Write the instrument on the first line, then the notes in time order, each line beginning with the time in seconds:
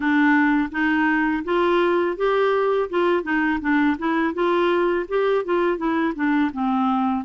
clarinet
0.00 D4
0.71 D#4
1.44 F4
2.17 G4
2.89 F4
3.23 D#4
3.60 D4
3.98 E4
4.33 F4
5.08 G4
5.44 F4
5.77 E4
6.14 D4
6.52 C4